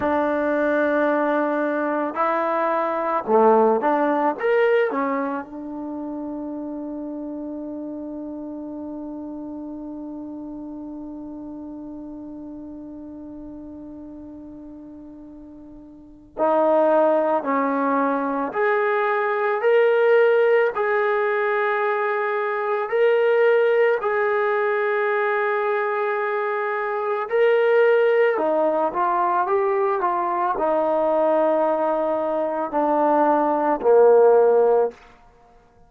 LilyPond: \new Staff \with { instrumentName = "trombone" } { \time 4/4 \tempo 4 = 55 d'2 e'4 a8 d'8 | ais'8 cis'8 d'2.~ | d'1~ | d'2. dis'4 |
cis'4 gis'4 ais'4 gis'4~ | gis'4 ais'4 gis'2~ | gis'4 ais'4 dis'8 f'8 g'8 f'8 | dis'2 d'4 ais4 | }